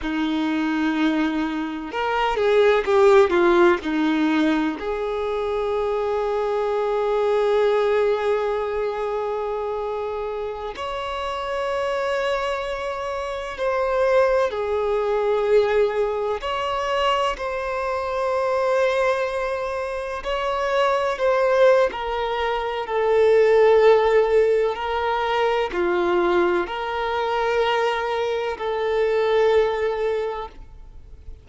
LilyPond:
\new Staff \with { instrumentName = "violin" } { \time 4/4 \tempo 4 = 63 dis'2 ais'8 gis'8 g'8 f'8 | dis'4 gis'2.~ | gis'2.~ gis'16 cis''8.~ | cis''2~ cis''16 c''4 gis'8.~ |
gis'4~ gis'16 cis''4 c''4.~ c''16~ | c''4~ c''16 cis''4 c''8. ais'4 | a'2 ais'4 f'4 | ais'2 a'2 | }